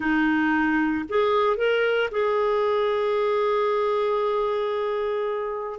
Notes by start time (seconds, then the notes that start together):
0.00 D#4
1.09 G#4
1.56 A#4
2.11 G#4